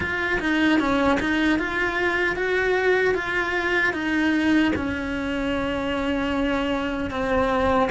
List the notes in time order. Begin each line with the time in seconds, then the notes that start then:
0.00 F4
0.39 D#4
0.79 C#4
1.19 D#4
1.59 F4
2.35 F#4
3.14 F4
3.93 D#4
4.75 C#4
7.10 C4